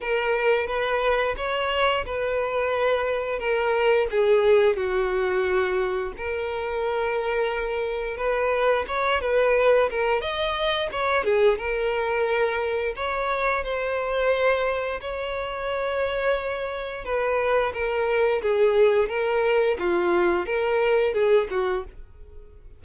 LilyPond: \new Staff \with { instrumentName = "violin" } { \time 4/4 \tempo 4 = 88 ais'4 b'4 cis''4 b'4~ | b'4 ais'4 gis'4 fis'4~ | fis'4 ais'2. | b'4 cis''8 b'4 ais'8 dis''4 |
cis''8 gis'8 ais'2 cis''4 | c''2 cis''2~ | cis''4 b'4 ais'4 gis'4 | ais'4 f'4 ais'4 gis'8 fis'8 | }